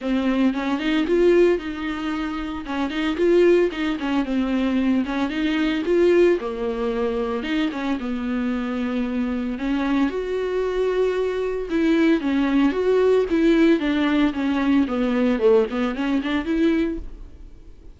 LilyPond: \new Staff \with { instrumentName = "viola" } { \time 4/4 \tempo 4 = 113 c'4 cis'8 dis'8 f'4 dis'4~ | dis'4 cis'8 dis'8 f'4 dis'8 cis'8 | c'4. cis'8 dis'4 f'4 | ais2 dis'8 cis'8 b4~ |
b2 cis'4 fis'4~ | fis'2 e'4 cis'4 | fis'4 e'4 d'4 cis'4 | b4 a8 b8 cis'8 d'8 e'4 | }